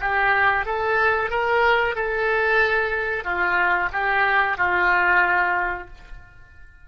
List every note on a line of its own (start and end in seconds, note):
0.00 0.65 G4
0.65 1.30 A4
1.30 1.95 A#4
1.95 3.24 A4
3.24 3.89 F4
3.92 4.57 G4
4.57 5.88 F4